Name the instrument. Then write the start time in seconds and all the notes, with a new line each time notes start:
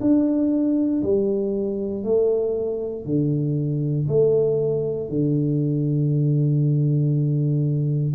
tuba
0.00 D4
1.02 G3
2.03 A3
3.05 D3
4.07 A3
5.08 D3